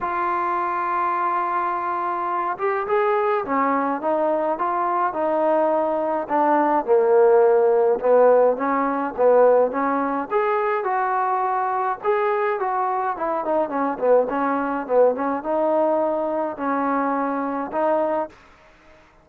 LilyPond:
\new Staff \with { instrumentName = "trombone" } { \time 4/4 \tempo 4 = 105 f'1~ | f'8 g'8 gis'4 cis'4 dis'4 | f'4 dis'2 d'4 | ais2 b4 cis'4 |
b4 cis'4 gis'4 fis'4~ | fis'4 gis'4 fis'4 e'8 dis'8 | cis'8 b8 cis'4 b8 cis'8 dis'4~ | dis'4 cis'2 dis'4 | }